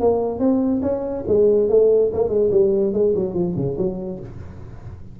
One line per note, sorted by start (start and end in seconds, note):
0.00 0.39 A#3
0.39 0.81 C4
0.82 1.24 C#4
1.28 1.69 G#3
1.69 2.11 A3
2.13 2.29 A#3
2.29 2.50 G#3
2.51 2.93 G3
2.93 3.14 G#3
3.15 3.34 F#3
3.34 3.55 F3
3.56 3.77 C#3
3.78 4.20 F#3